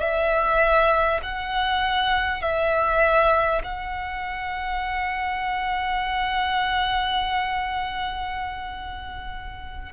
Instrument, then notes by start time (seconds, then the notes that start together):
violin
0.00 E5
1.22 F#5
2.42 E5
3.63 F#5